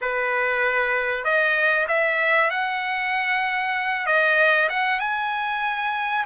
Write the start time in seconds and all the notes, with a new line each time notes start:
0.01 B4
1.24 D#5
1.88 E5
2.50 F#5
4.06 D#5
4.69 F#5
4.99 G#5